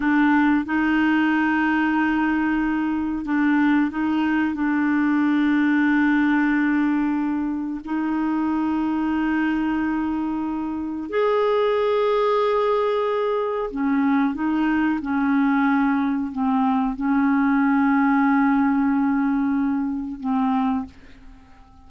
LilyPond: \new Staff \with { instrumentName = "clarinet" } { \time 4/4 \tempo 4 = 92 d'4 dis'2.~ | dis'4 d'4 dis'4 d'4~ | d'1 | dis'1~ |
dis'4 gis'2.~ | gis'4 cis'4 dis'4 cis'4~ | cis'4 c'4 cis'2~ | cis'2. c'4 | }